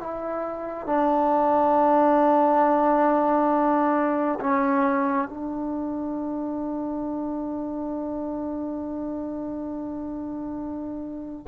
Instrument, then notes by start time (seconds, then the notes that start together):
trombone
0.00 E4
0.86 D4
4.41 C#4
5.29 D4